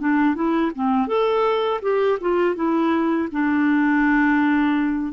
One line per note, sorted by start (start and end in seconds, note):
0.00 0.35 D4
0.35 0.72 E4
0.75 1.07 C4
1.07 1.81 A4
1.82 2.19 G4
2.21 2.55 F4
2.55 3.29 E4
3.32 5.13 D4